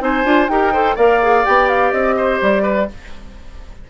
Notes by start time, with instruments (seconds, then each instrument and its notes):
0.00 bassoon C4, clarinet D#4, oboe C5, flute G#5
0.24 bassoon D4, clarinet F4
0.48 bassoon D#4, clarinet G4, oboe A#4, flute G5
0.73 clarinet A4, oboe C5
0.96 bassoon A#3, clarinet A#4, oboe D5, flute F5
1.22 clarinet G#4
1.45 bassoon B3, clarinet G4, flute G5
1.69 flute F5
1.92 bassoon C4, flute D#5
2.17 oboe C5
2.42 bassoon G3, flute D5
2.63 oboe B4